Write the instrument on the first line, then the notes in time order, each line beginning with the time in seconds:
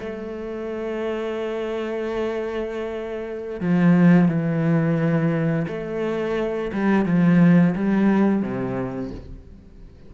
cello
0.00 A3
3.61 F3
4.29 E3
5.68 A3
6.73 G3
7.06 F3
7.76 G3
8.42 C3